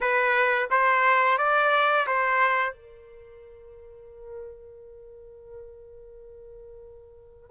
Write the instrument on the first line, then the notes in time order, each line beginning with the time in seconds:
trumpet
0.00 B4
0.70 C5
1.38 D5
2.06 C5
2.73 A#4